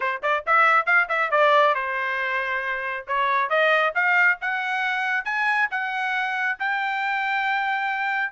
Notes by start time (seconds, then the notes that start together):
0.00 C5
0.22 D5
0.46 E5
0.86 F5
1.08 E5
1.31 D5
1.75 C5
3.07 C#5
3.49 D#5
3.94 F5
4.41 F#5
5.24 G#5
5.70 F#5
6.59 G5